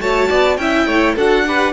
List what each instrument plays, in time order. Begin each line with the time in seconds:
0.00 cello A3, viola F#4, violin C#5 A5
0.29 cello B3, violin D5
0.57 cello C#4, viola E4, violin E5 G5
0.86 cello A3, violin C#5
1.16 cello D4, viola F#4, violin A4 F#5
1.46 viola G4, violin B4